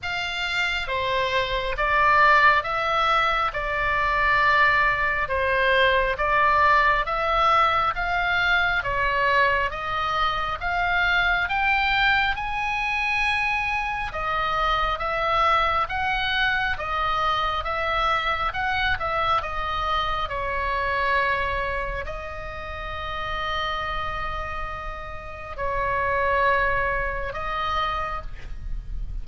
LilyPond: \new Staff \with { instrumentName = "oboe" } { \time 4/4 \tempo 4 = 68 f''4 c''4 d''4 e''4 | d''2 c''4 d''4 | e''4 f''4 cis''4 dis''4 | f''4 g''4 gis''2 |
dis''4 e''4 fis''4 dis''4 | e''4 fis''8 e''8 dis''4 cis''4~ | cis''4 dis''2.~ | dis''4 cis''2 dis''4 | }